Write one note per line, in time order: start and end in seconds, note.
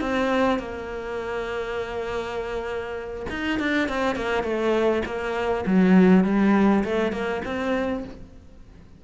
0.00 0.59 C4
0.59 3.26 A#3
3.29 3.59 D#4
3.59 3.88 D4
3.88 4.16 C4
4.16 4.43 A#3
4.43 5.02 A3
5.05 5.64 A#3
5.66 6.24 F#3
6.24 6.83 G3
6.84 7.12 A3
7.12 7.41 A#3
7.44 8.04 C4